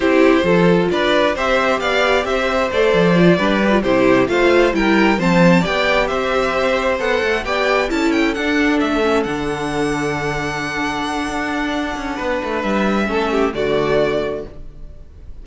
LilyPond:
<<
  \new Staff \with { instrumentName = "violin" } { \time 4/4 \tempo 4 = 133 c''2 d''4 e''4 | f''4 e''4 d''2~ | d''8 c''4 f''4 g''4 a''8~ | a''8 g''4 e''2 fis''8~ |
fis''8 g''4 a''8 g''8 fis''4 e''8~ | e''8 fis''2.~ fis''8~ | fis''1 | e''2 d''2 | }
  \new Staff \with { instrumentName = "violin" } { \time 4/4 g'4 a'4 b'4 c''4 | d''4 c''2~ c''8 b'8~ | b'8 g'4 c''4 ais'4 c''8~ | c''8 d''4 c''2~ c''8~ |
c''8 d''4 a'2~ a'8~ | a'1~ | a'2. b'4~ | b'4 a'8 g'8 fis'2 | }
  \new Staff \with { instrumentName = "viola" } { \time 4/4 e'4 f'2 g'4~ | g'2 a'4 f'8 d'8 | g'16 f'16 e'4 f'4 e'4 c'8~ | c'8 g'2. a'8~ |
a'8 g'4 e'4 d'4. | cis'8 d'2.~ d'8~ | d'1~ | d'4 cis'4 a2 | }
  \new Staff \with { instrumentName = "cello" } { \time 4/4 c'4 f4 d'4 c'4 | b4 c'4 a8 f4 g8~ | g8 c4 a4 g4 f8~ | f8 b4 c'2 b8 |
a8 b4 cis'4 d'4 a8~ | a8 d2.~ d8~ | d4 d'4. cis'8 b8 a8 | g4 a4 d2 | }
>>